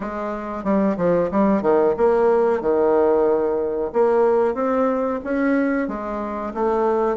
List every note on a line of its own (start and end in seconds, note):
0.00 0.63 G#3
0.63 0.96 G3
0.97 1.30 F3
1.31 1.62 G3
1.62 1.94 D#3
1.97 2.61 A#3
2.61 3.91 D#3
3.92 4.54 A#3
4.54 5.19 C4
5.24 5.88 C#4
5.88 6.53 G#3
6.54 7.16 A3